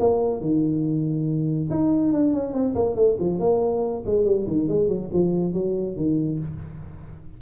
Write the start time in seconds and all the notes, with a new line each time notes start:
0.00 A#3
0.41 D#3
1.70 D#4
2.13 D4
2.34 C#4
2.53 C4
2.75 A#3
2.96 A3
3.19 F3
3.40 A#3
4.06 G#3
4.25 G3
4.47 D#3
4.69 G#3
4.89 F#3
5.13 F3
5.53 F#3
5.96 D#3